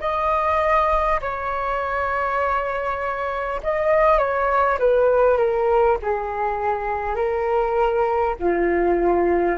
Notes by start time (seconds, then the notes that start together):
0.00 D#5
1.21 C#5
3.63 D#5
4.18 C#5
4.79 B4
5.37 A#4
6.02 G#4
7.16 A#4
8.39 F4